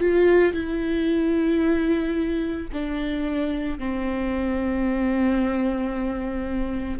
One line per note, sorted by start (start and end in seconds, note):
0.00 0.54 F4
0.54 2.68 E4
2.73 3.79 D4
3.79 7.00 C4